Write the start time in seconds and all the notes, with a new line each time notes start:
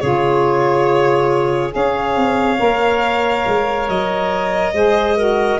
0.00 C#3 F4 G#4 C#5
1.71 C#4 G#4 C#5 F5
2.16 C4
2.59 A#3 A#4
3.46 G#3
3.88 F#3 D#5
4.73 G#3 G#4 C5
5.17 F#4 A#4